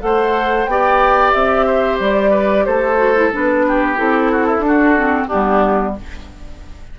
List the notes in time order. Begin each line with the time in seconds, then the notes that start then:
0.00 A3 A4 C5 F#5
0.66 B3 G4 D5 G5
1.32 C4 E5
1.66 C5
2.00 G3 D5
2.31 B4
2.65 A3 A4 C5
2.97 F#4
3.16 E4
3.32 B3 D4 B4
3.67 G4
3.96 C4 E4 A4
4.32 F#4
4.47 E4
4.59 D4
4.68 F#4
4.97 C4
5.27 G3 B3 D4 G4